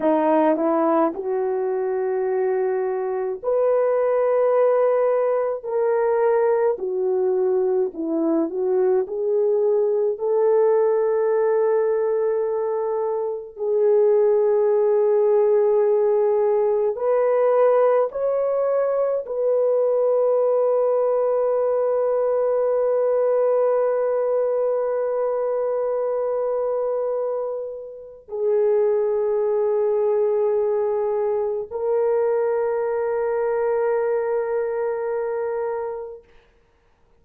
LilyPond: \new Staff \with { instrumentName = "horn" } { \time 4/4 \tempo 4 = 53 dis'8 e'8 fis'2 b'4~ | b'4 ais'4 fis'4 e'8 fis'8 | gis'4 a'2. | gis'2. b'4 |
cis''4 b'2.~ | b'1~ | b'4 gis'2. | ais'1 | }